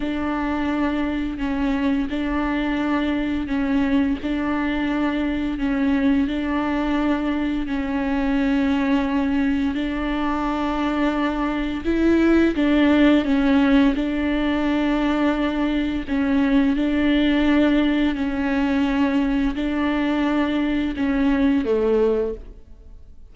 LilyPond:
\new Staff \with { instrumentName = "viola" } { \time 4/4 \tempo 4 = 86 d'2 cis'4 d'4~ | d'4 cis'4 d'2 | cis'4 d'2 cis'4~ | cis'2 d'2~ |
d'4 e'4 d'4 cis'4 | d'2. cis'4 | d'2 cis'2 | d'2 cis'4 a4 | }